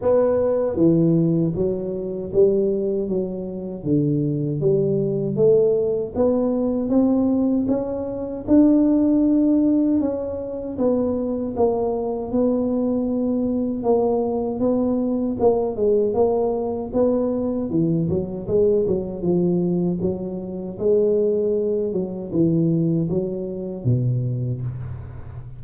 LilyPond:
\new Staff \with { instrumentName = "tuba" } { \time 4/4 \tempo 4 = 78 b4 e4 fis4 g4 | fis4 d4 g4 a4 | b4 c'4 cis'4 d'4~ | d'4 cis'4 b4 ais4 |
b2 ais4 b4 | ais8 gis8 ais4 b4 e8 fis8 | gis8 fis8 f4 fis4 gis4~ | gis8 fis8 e4 fis4 b,4 | }